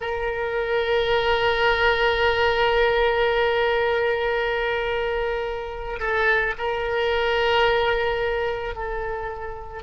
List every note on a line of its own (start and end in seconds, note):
0.00 5.99 A#4
5.99 6.54 A4
6.58 8.75 A#4
8.75 9.82 A4